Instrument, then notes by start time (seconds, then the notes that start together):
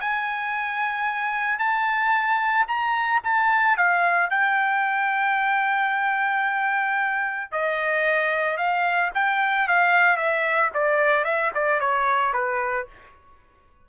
trumpet
0.00 G#5
1.59 A5
2.67 A#5
3.24 A5
3.77 F5
4.30 G5
7.51 D#5
8.57 F5
9.14 G5
9.68 F5
10.17 E5
10.74 D5
11.24 E5
11.54 D5
11.80 C#5
12.33 B4